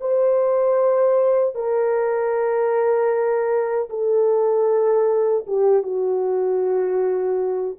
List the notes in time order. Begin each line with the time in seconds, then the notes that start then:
0.00 C5
1.55 A#4
3.89 A4
5.47 G4
5.83 F#4